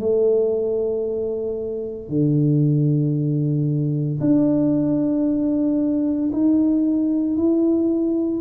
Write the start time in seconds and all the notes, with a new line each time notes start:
0.00 A3
2.09 D3
4.21 D4
6.33 D#4
7.37 E4